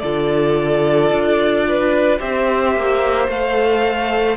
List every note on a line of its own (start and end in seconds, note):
0.00 1.11 D3
0.00 2.19 F4
0.00 1.67 A4
0.00 2.18 D5
1.11 2.20 D4
1.68 2.20 B4
2.19 2.76 C4
2.19 3.28 G4
2.19 4.37 C5
2.19 3.30 E5
2.76 3.28 A#3
3.28 4.37 A3
3.28 4.37 A4
3.28 4.37 F5